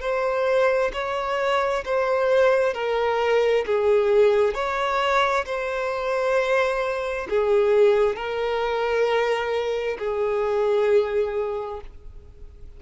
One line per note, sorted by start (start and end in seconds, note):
0.00 0.91 C5
0.93 1.84 C#5
1.85 2.74 C5
2.74 3.64 A#4
3.66 4.54 G#4
4.54 5.45 C#5
5.45 7.27 C5
7.29 8.15 G#4
8.15 9.97 A#4
9.98 11.80 G#4